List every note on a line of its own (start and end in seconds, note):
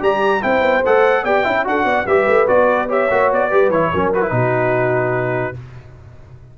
0.00 0.42 G3
0.00 0.41 G4
0.00 0.43 D5
0.00 0.42 A#5
0.41 0.61 C4
0.41 0.82 E4
0.41 1.23 C5
0.41 0.83 G5
0.61 0.81 B3
0.85 1.24 A3
0.85 1.26 A4
0.85 1.24 F#5
1.23 1.44 B3
1.23 1.44 G4
1.23 1.43 D5
1.23 1.65 G5
1.44 1.66 C#4
1.44 1.64 E4
1.44 1.64 E5
1.64 1.84 D4
1.64 2.05 F#4
1.64 1.85 A4
1.64 2.06 F#5
1.84 2.05 B3
1.84 2.05 D5
2.06 2.26 G3
2.06 2.47 G4
2.06 2.87 B4
2.06 2.47 E5
2.27 2.48 A3
2.47 3.10 B3
2.47 2.88 F#4
2.47 2.89 D5
2.87 3.09 G4
2.87 3.49 C#5
2.87 3.33 E5
3.10 3.31 A#3
3.10 3.50 F#4
3.31 3.52 B3
3.31 3.70 D5
3.50 3.69 G3
3.50 3.71 G4
3.50 3.91 B4
3.69 3.89 E3
3.69 3.93 E4
3.69 4.11 C#5
3.93 4.31 F#3
3.93 4.14 C#4
3.93 4.34 A#4
4.13 4.21 F#4
4.13 5.57 B4
4.21 4.30 E4
4.30 5.54 B2
4.30 5.53 D#4
4.30 5.57 F#4